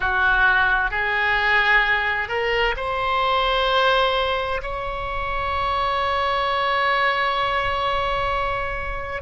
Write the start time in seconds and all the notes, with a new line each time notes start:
0.00 F#4
0.91 G#4
2.28 A#4
2.76 C5
4.62 C#5